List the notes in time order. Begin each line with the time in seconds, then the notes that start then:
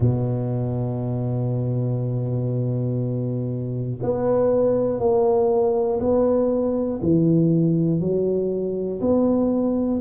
0.00 B2
4.02 B3
5.00 A#3
6.00 B3
7.02 E3
8.00 F#3
9.00 B3